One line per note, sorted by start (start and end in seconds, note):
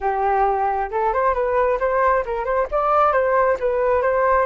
0.00 0.90 G4
0.90 1.13 A4
1.13 1.34 C5
1.34 1.78 B4
1.79 2.24 C5
2.25 2.44 A#4
2.44 2.67 C5
2.71 3.12 D5
3.12 3.57 C5
3.59 4.02 B4
4.02 4.46 C5